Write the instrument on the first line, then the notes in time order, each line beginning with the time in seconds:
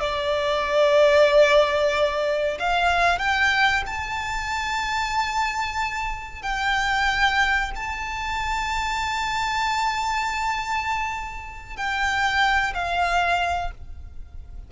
violin
0.00 D5
2.59 F5
3.18 G5
3.86 A5
6.42 G5
7.75 A5
11.77 G5
12.74 F5